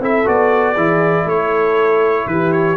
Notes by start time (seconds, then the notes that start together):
0.00 C4 E4 A4 E5
0.25 B3 F#4 D5
0.74 E3 E4 G#4
1.25 A3 A4 C#5
2.27 E3 G4 B4
2.52 C#5